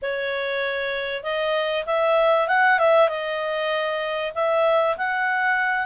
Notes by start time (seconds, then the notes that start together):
0.02 C#5
1.23 D#5
1.86 E5
2.47 F#5
2.78 E5
3.08 D#5
4.35 E5
4.97 F#5